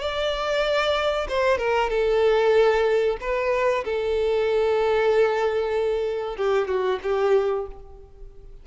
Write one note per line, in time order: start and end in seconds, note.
0.00 1.28 D5
1.29 1.58 C5
1.58 1.90 A#4
1.90 3.18 A4
3.21 3.85 B4
3.85 6.37 A4
6.37 6.68 G4
6.68 7.00 F#4
7.03 7.67 G4